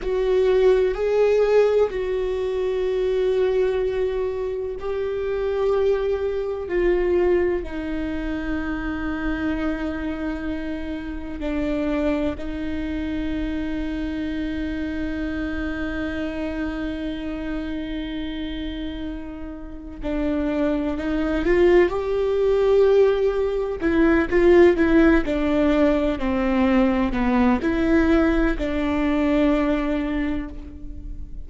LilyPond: \new Staff \with { instrumentName = "viola" } { \time 4/4 \tempo 4 = 63 fis'4 gis'4 fis'2~ | fis'4 g'2 f'4 | dis'1 | d'4 dis'2.~ |
dis'1~ | dis'4 d'4 dis'8 f'8 g'4~ | g'4 e'8 f'8 e'8 d'4 c'8~ | c'8 b8 e'4 d'2 | }